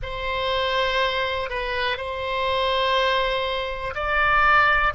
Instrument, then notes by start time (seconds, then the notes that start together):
oboe
0.02 C5
1.49 B4
1.97 C5
3.94 D5